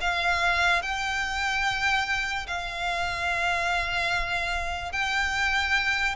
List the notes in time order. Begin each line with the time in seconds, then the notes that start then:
0.00 F5
0.82 G5
2.47 F5
4.92 G5